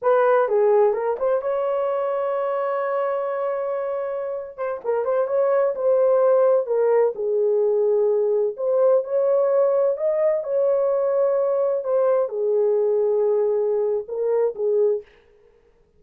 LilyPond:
\new Staff \with { instrumentName = "horn" } { \time 4/4 \tempo 4 = 128 b'4 gis'4 ais'8 c''8 cis''4~ | cis''1~ | cis''4.~ cis''16 c''8 ais'8 c''8 cis''8.~ | cis''16 c''2 ais'4 gis'8.~ |
gis'2~ gis'16 c''4 cis''8.~ | cis''4~ cis''16 dis''4 cis''4.~ cis''16~ | cis''4~ cis''16 c''4 gis'4.~ gis'16~ | gis'2 ais'4 gis'4 | }